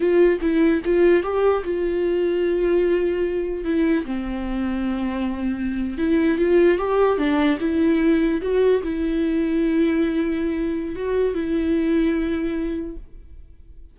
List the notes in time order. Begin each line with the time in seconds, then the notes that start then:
0.00 F4
0.41 E4
0.84 F4
1.23 G4
1.64 F4
3.64 E4
4.05 C4
5.98 E4
6.38 F4
6.78 G4
7.18 D4
7.60 E4
8.41 F#4
8.82 E4
10.95 F#4
11.34 E4